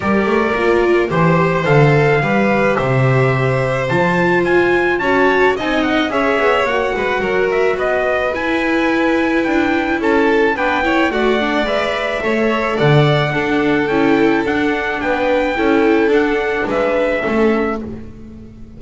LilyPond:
<<
  \new Staff \with { instrumentName = "trumpet" } { \time 4/4 \tempo 4 = 108 d''2 c''4 f''4~ | f''4 e''2 a''4 | gis''4 a''4 gis''8 fis''8 e''4 | fis''4. e''8 dis''4 gis''4~ |
gis''4 g''4 a''4 g''4 | fis''4 e''2 fis''4~ | fis''4 g''4 fis''4 g''4~ | g''4 fis''4 e''2 | }
  \new Staff \with { instrumentName = "violin" } { \time 4/4 ais'2 c''2 | b'4 c''2.~ | c''4 cis''4 dis''4 cis''4~ | cis''8 b'8 ais'4 b'2~ |
b'2 a'4 b'8 cis''8 | d''2 cis''4 d''4 | a'2. b'4 | a'2 b'4 a'4 | }
  \new Staff \with { instrumentName = "viola" } { \time 4/4 g'4 f'4 g'4 a'4 | g'2. f'4~ | f'4 fis'4 dis'4 gis'4 | fis'2. e'4~ |
e'2. d'8 e'8 | fis'8 d'8 b'4 a'2 | d'4 e'4 d'2 | e'4 d'2 cis'4 | }
  \new Staff \with { instrumentName = "double bass" } { \time 4/4 g8 a8 ais4 e4 d4 | g4 c2 f4 | f'4 cis'4 c'4 cis'8 b8 | ais8 gis8 fis4 b4 e'4~ |
e'4 d'4 cis'4 b4 | a4 gis4 a4 d4 | d'4 cis'4 d'4 b4 | cis'4 d'4 gis4 a4 | }
>>